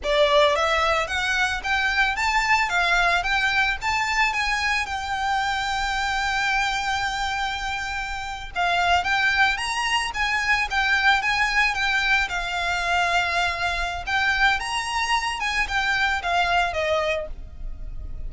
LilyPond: \new Staff \with { instrumentName = "violin" } { \time 4/4 \tempo 4 = 111 d''4 e''4 fis''4 g''4 | a''4 f''4 g''4 a''4 | gis''4 g''2.~ | g''2.~ g''8. f''16~ |
f''8. g''4 ais''4 gis''4 g''16~ | g''8. gis''4 g''4 f''4~ f''16~ | f''2 g''4 ais''4~ | ais''8 gis''8 g''4 f''4 dis''4 | }